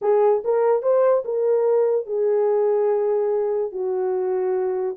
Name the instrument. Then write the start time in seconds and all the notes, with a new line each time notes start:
horn
0.01 G#4
0.44 A#4
0.82 C5
1.25 A#4
2.06 G#4
3.71 F#4